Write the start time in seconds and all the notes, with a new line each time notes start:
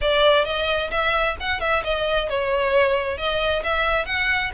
0.01 D5
0.44 D#5
0.90 E5
1.39 F#5
1.60 E5
1.84 D#5
2.29 C#5
3.17 D#5
3.63 E5
4.05 F#5